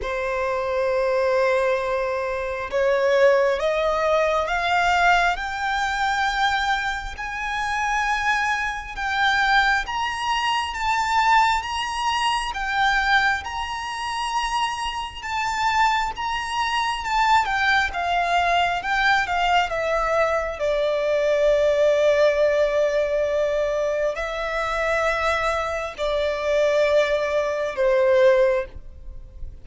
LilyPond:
\new Staff \with { instrumentName = "violin" } { \time 4/4 \tempo 4 = 67 c''2. cis''4 | dis''4 f''4 g''2 | gis''2 g''4 ais''4 | a''4 ais''4 g''4 ais''4~ |
ais''4 a''4 ais''4 a''8 g''8 | f''4 g''8 f''8 e''4 d''4~ | d''2. e''4~ | e''4 d''2 c''4 | }